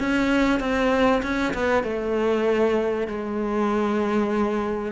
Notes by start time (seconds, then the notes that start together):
0.00 C#4
0.60 C4
1.23 C#4
1.54 B3
1.84 A3
3.08 G#3